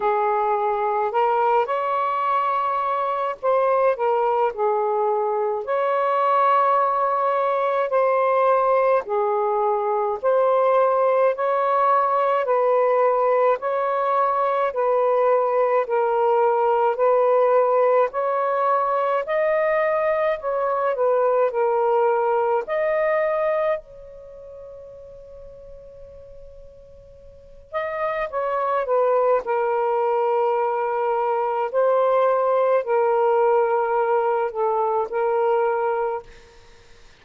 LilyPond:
\new Staff \with { instrumentName = "saxophone" } { \time 4/4 \tempo 4 = 53 gis'4 ais'8 cis''4. c''8 ais'8 | gis'4 cis''2 c''4 | gis'4 c''4 cis''4 b'4 | cis''4 b'4 ais'4 b'4 |
cis''4 dis''4 cis''8 b'8 ais'4 | dis''4 cis''2.~ | cis''8 dis''8 cis''8 b'8 ais'2 | c''4 ais'4. a'8 ais'4 | }